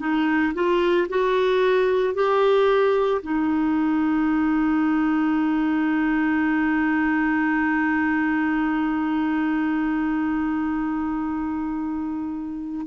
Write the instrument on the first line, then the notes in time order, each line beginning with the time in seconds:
clarinet
0.00 D#4
0.55 F4
1.09 F#4
2.14 G4
3.22 D#4